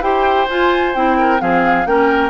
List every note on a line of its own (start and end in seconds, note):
0.00 0.46 E4
0.00 0.47 G4
0.00 1.18 C5
0.00 0.48 G5
0.49 0.95 F4
0.49 0.95 G#5
0.95 1.41 C4
0.95 1.39 E4
0.95 1.40 G5
1.18 1.41 A#4
1.39 1.85 F3
1.39 1.85 C4
1.39 1.87 G#4
1.39 1.86 F5
1.85 2.29 A#3
1.85 2.29 C#4
1.85 2.29 A#4
1.85 2.29 G5